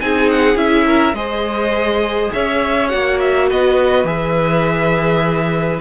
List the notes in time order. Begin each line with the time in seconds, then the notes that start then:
0.00 C4 D#4 G#4 G#5
0.30 F#5
0.55 C#4 E4 E5
0.86 A#4
1.13 G#3 G#4 C5 D#5
2.33 C#4 C#5 E5
2.89 A#3 F#4 F#5
3.20 E5
3.49 B3 B4 D#5
4.04 E3 G#4 E5